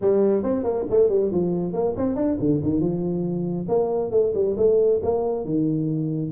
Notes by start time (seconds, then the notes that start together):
0.01 G3
0.43 C4
0.63 A#3
0.89 A3
1.09 G3
1.31 F3
1.73 A#3
1.97 C4
2.15 D4
2.39 D3
2.63 D#3
2.80 F3
3.68 A#3
4.11 A3
4.34 G3
4.57 A3
5.02 A#3
5.44 D#3